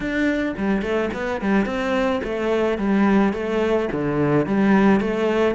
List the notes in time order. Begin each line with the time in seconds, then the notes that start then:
0.00 D4
0.57 G3
0.82 A3
1.13 B3
1.41 G3
1.65 C4
2.23 A3
2.78 G3
3.33 A3
3.92 D3
4.46 G3
5.00 A3